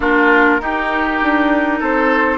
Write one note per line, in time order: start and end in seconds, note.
0.00 0.59 A#3
0.00 0.59 D4
0.00 0.61 F4
0.00 1.83 A#4
0.59 1.20 D#4
0.59 2.38 D#4
0.59 1.79 G4
1.22 1.81 D4
1.79 2.38 C4
1.79 2.38 A4
1.79 2.38 C5